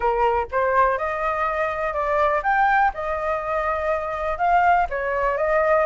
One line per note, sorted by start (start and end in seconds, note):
0.00 0.46 A#4
0.51 0.98 C5
0.98 1.93 D#5
1.93 2.41 D5
2.43 2.91 G5
2.94 4.37 D#5
4.37 4.86 F5
4.89 5.37 C#5
5.37 5.85 D#5